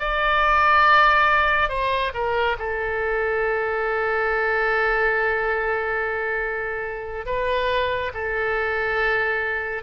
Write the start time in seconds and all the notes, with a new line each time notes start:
0.00 D5
1.69 C5
2.14 A#4
2.59 A4
7.26 B4
8.14 A4